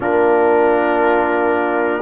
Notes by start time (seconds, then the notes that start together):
0.00 A#3 D4 F4 A#4